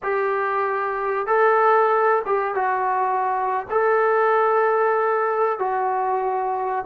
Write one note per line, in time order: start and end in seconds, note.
0.02 1.26 G4
1.26 2.22 A4
2.25 2.54 G4
2.54 3.66 F#4
3.70 5.59 A4
5.59 6.85 F#4